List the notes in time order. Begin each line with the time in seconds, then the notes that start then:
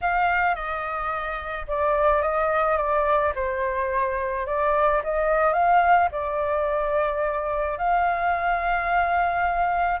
0.01 F5
0.55 D#5
1.67 D5
2.21 D#5
2.77 D5
3.35 C5
4.46 D5
5.03 D#5
5.53 F5
6.11 D5
7.78 F5